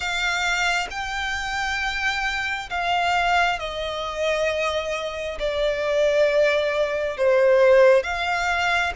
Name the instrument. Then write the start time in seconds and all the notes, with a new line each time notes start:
violin
0.00 F5
0.90 G5
2.70 F5
3.59 D#5
5.39 D5
7.17 C5
8.03 F5